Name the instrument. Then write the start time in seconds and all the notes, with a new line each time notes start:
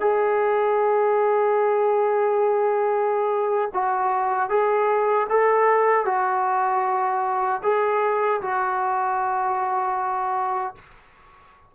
trombone
0.00 G#4
3.73 F#4
4.49 G#4
5.29 A4
6.05 F#4
7.63 G#4
8.41 F#4